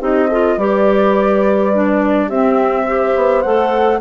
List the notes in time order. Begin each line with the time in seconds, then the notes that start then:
0.00 C4 D#4 G4 D#5
0.29 F4 A4
0.57 G3 G4 B4 D5
1.73 D4
2.27 C4 G4 E5
2.87 G4 C5
3.16 B3
3.42 A3 A4 F#5